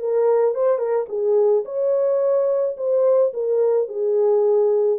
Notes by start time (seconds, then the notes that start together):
0.00 A#4
0.55 C5
0.79 A#4
1.09 G#4
1.65 C#5
2.78 C5
3.34 A#4
3.89 G#4